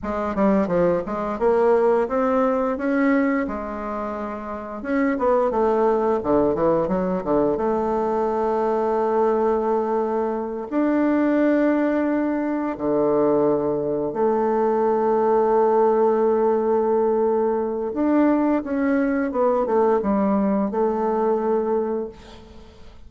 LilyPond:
\new Staff \with { instrumentName = "bassoon" } { \time 4/4 \tempo 4 = 87 gis8 g8 f8 gis8 ais4 c'4 | cis'4 gis2 cis'8 b8 | a4 d8 e8 fis8 d8 a4~ | a2.~ a8 d'8~ |
d'2~ d'8 d4.~ | d8 a2.~ a8~ | a2 d'4 cis'4 | b8 a8 g4 a2 | }